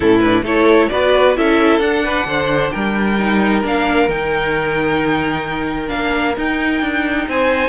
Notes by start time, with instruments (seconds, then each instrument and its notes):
0.00 cello A2, viola C#4, violin E4 A4
0.20 viola D4, violin B4
0.42 cello A3, viola E4, violin A4 C#5
0.89 cello B3, viola F#4, violin B4 D5
1.36 cello C#4, viola E4, violin A4 E5
1.79 cello D4, viola D4, violin F#5
2.04 violin B4
2.25 cello D3, violin C5
2.71 cello G3, violin A#4 G5
3.18 viola D#4
3.62 cello A#3, viola D4, violin F5
4.08 cello D#3, viola D#4, violin G5
5.88 cello A#3, viola D4, violin F5
6.36 cello D#4, viola D#4, violin G5
6.81 cello D4
7.27 cello C4, violin C5 G#5